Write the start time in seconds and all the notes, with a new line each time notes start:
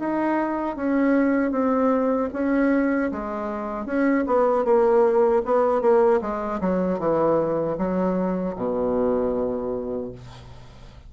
0.00 D#4
0.77 C#4
1.52 C4
2.33 C#4
3.12 G#3
3.86 C#4
4.27 B3
4.65 A#3
5.45 B3
5.82 A#3
6.22 G#3
6.61 F#3
7.00 E3
7.78 F#3
8.56 B2